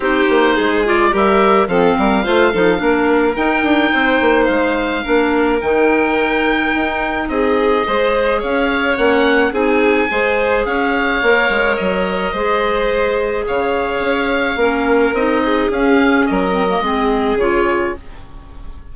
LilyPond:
<<
  \new Staff \with { instrumentName = "oboe" } { \time 4/4 \tempo 4 = 107 c''4. d''8 e''4 f''4~ | f''2 g''2 | f''2 g''2~ | g''4 dis''2 f''4 |
fis''4 gis''2 f''4~ | f''4 dis''2. | f''2. dis''4 | f''4 dis''2 cis''4 | }
  \new Staff \with { instrumentName = "violin" } { \time 4/4 g'4 gis'4 ais'4 a'8 ais'8 | c''8 a'8 ais'2 c''4~ | c''4 ais'2.~ | ais'4 gis'4 c''4 cis''4~ |
cis''4 gis'4 c''4 cis''4~ | cis''2 c''2 | cis''2 ais'4. gis'8~ | gis'4 ais'4 gis'2 | }
  \new Staff \with { instrumentName = "clarinet" } { \time 4/4 dis'4. f'8 g'4 c'4 | f'8 dis'8 d'4 dis'2~ | dis'4 d'4 dis'2~ | dis'2 gis'2 |
cis'4 dis'4 gis'2 | ais'2 gis'2~ | gis'2 cis'4 dis'4 | cis'4. c'16 ais16 c'4 f'4 | }
  \new Staff \with { instrumentName = "bassoon" } { \time 4/4 c'8 ais8 gis4 g4 f8 g8 | a8 f8 ais4 dis'8 d'8 c'8 ais8 | gis4 ais4 dis2 | dis'4 c'4 gis4 cis'4 |
ais4 c'4 gis4 cis'4 | ais8 gis8 fis4 gis2 | cis4 cis'4 ais4 c'4 | cis'4 fis4 gis4 cis4 | }
>>